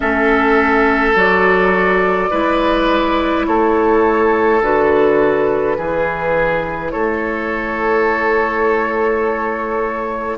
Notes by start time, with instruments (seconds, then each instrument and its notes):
0.00 bassoon A3, clarinet C#4, oboe A4, flute E5
1.15 bassoon F#3, clarinet F#4, flute D5
2.30 bassoon G#3, clarinet E4, oboe B4
3.46 bassoon A3, oboe A4, flute C#5
4.61 bassoon D3, clarinet F#4, flute B4
5.77 bassoon E3, clarinet E4, oboe G#4
6.90 bassoon A3, oboe A4, flute C#5